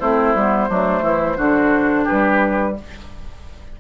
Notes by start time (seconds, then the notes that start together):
0.00 A3 C4 E4 C5
0.35 G3 B3
0.69 F#3 A3 D4
1.02 E3 E4
1.37 D3 D4 F#4
2.04 G4 B4
2.11 G3